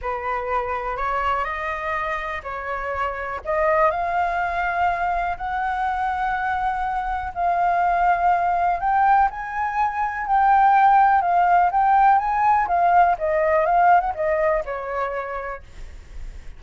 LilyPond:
\new Staff \with { instrumentName = "flute" } { \time 4/4 \tempo 4 = 123 b'2 cis''4 dis''4~ | dis''4 cis''2 dis''4 | f''2. fis''4~ | fis''2. f''4~ |
f''2 g''4 gis''4~ | gis''4 g''2 f''4 | g''4 gis''4 f''4 dis''4 | f''8. fis''16 dis''4 cis''2 | }